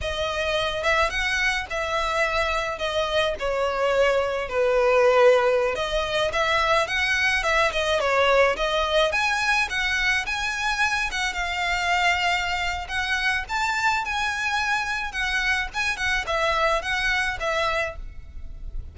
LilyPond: \new Staff \with { instrumentName = "violin" } { \time 4/4 \tempo 4 = 107 dis''4. e''8 fis''4 e''4~ | e''4 dis''4 cis''2 | b'2~ b'16 dis''4 e''8.~ | e''16 fis''4 e''8 dis''8 cis''4 dis''8.~ |
dis''16 gis''4 fis''4 gis''4. fis''16~ | fis''16 f''2~ f''8. fis''4 | a''4 gis''2 fis''4 | gis''8 fis''8 e''4 fis''4 e''4 | }